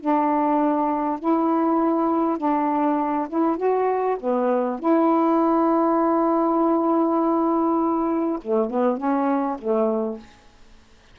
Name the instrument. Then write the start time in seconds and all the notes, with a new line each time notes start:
saxophone
0.00 D4
1.19 E4
2.38 D4
3.29 E4
3.57 F#4
4.19 B3
4.79 E4
8.42 A3
8.70 B3
8.97 C#4
9.58 A3